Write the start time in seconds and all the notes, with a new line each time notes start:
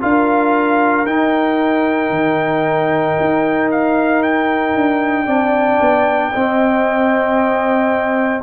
0.00 D4 F4 A#4 F5
1.05 D#4 G5
2.10 D#3
3.20 D#4
3.71 F5
4.23 G5
4.75 D4
5.25 C4 D4 D5
5.80 B3
6.32 C4 D#5